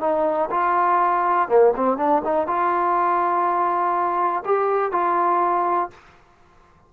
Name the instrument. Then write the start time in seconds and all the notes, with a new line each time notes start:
trombone
0.00 D#4
0.51 F4
1.49 A#3
1.76 C4
1.97 D4
2.24 D#4
2.47 F4
4.45 G4
4.92 F4